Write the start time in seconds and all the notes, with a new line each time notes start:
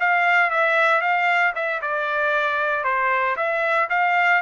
0.00 F5
0.51 E5
1.01 F5
1.55 E5
1.82 D5
2.84 C5
3.37 E5
3.90 F5